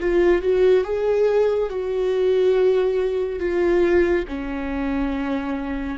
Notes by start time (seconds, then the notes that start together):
0.00 F4
0.42 F#4
0.85 G#4
1.70 F#4
3.39 F4
4.28 C#4